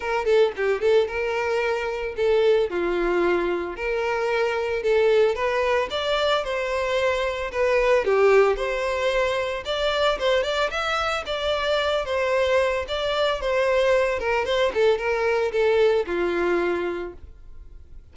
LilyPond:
\new Staff \with { instrumentName = "violin" } { \time 4/4 \tempo 4 = 112 ais'8 a'8 g'8 a'8 ais'2 | a'4 f'2 ais'4~ | ais'4 a'4 b'4 d''4 | c''2 b'4 g'4 |
c''2 d''4 c''8 d''8 | e''4 d''4. c''4. | d''4 c''4. ais'8 c''8 a'8 | ais'4 a'4 f'2 | }